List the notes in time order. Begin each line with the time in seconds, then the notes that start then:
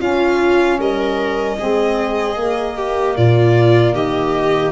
0.00 C#4 F4 F5
0.78 G3 A#4 D#5
1.58 G#3 C4 G#4
2.36 A#3
2.77 G4
3.17 A#2 F4 D5
3.93 D#3 G4 D#5